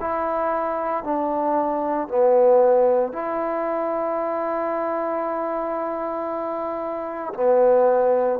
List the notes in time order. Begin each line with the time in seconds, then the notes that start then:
0.00 E4
1.03 D4
2.08 B3
3.12 E4
7.33 B3